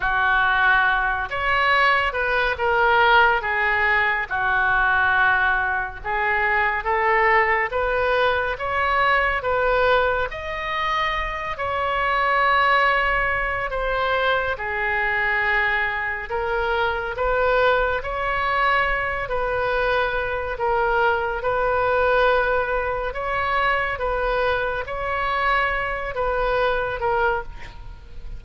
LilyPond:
\new Staff \with { instrumentName = "oboe" } { \time 4/4 \tempo 4 = 70 fis'4. cis''4 b'8 ais'4 | gis'4 fis'2 gis'4 | a'4 b'4 cis''4 b'4 | dis''4. cis''2~ cis''8 |
c''4 gis'2 ais'4 | b'4 cis''4. b'4. | ais'4 b'2 cis''4 | b'4 cis''4. b'4 ais'8 | }